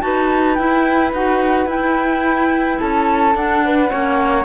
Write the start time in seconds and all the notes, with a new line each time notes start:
0.00 D#4 F#4 B4 A5
0.54 E4 G5
1.12 D#4 F#4 F#5
1.66 E4 G5
2.79 C#4 A4 A5
3.34 D4 F#5
3.64 B4
3.89 A#3 C#4 C#5